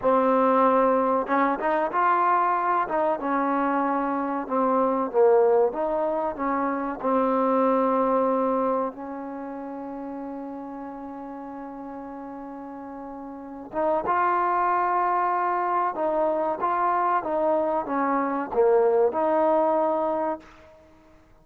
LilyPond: \new Staff \with { instrumentName = "trombone" } { \time 4/4 \tempo 4 = 94 c'2 cis'8 dis'8 f'4~ | f'8 dis'8 cis'2 c'4 | ais4 dis'4 cis'4 c'4~ | c'2 cis'2~ |
cis'1~ | cis'4. dis'8 f'2~ | f'4 dis'4 f'4 dis'4 | cis'4 ais4 dis'2 | }